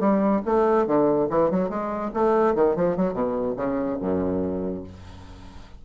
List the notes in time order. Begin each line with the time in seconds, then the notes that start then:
0.00 G3
0.46 A3
0.87 D3
1.30 E3
1.51 F#3
1.70 G#3
2.14 A3
2.55 D#3
2.76 F3
2.97 F#3
3.14 B2
3.57 C#3
4.01 F#2